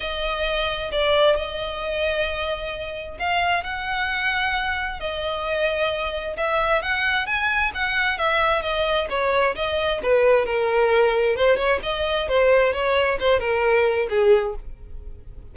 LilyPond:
\new Staff \with { instrumentName = "violin" } { \time 4/4 \tempo 4 = 132 dis''2 d''4 dis''4~ | dis''2. f''4 | fis''2. dis''4~ | dis''2 e''4 fis''4 |
gis''4 fis''4 e''4 dis''4 | cis''4 dis''4 b'4 ais'4~ | ais'4 c''8 cis''8 dis''4 c''4 | cis''4 c''8 ais'4. gis'4 | }